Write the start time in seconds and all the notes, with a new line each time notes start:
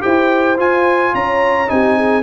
0.00 E4 G4 C5 G5
0.57 F4 G#5
1.14 C#4 C#5 A#5
1.67 C4 D#4 G4 G#5
1.96 G#4